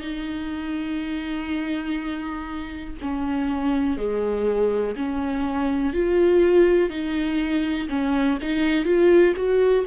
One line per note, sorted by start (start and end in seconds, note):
0.00 2.95 D#4
3.01 3.97 C#4
3.97 4.95 G#3
4.95 5.93 C#4
5.93 6.89 F4
6.89 7.87 D#4
7.89 8.38 C#4
8.41 8.84 D#4
8.84 9.34 F4
9.35 9.85 F#4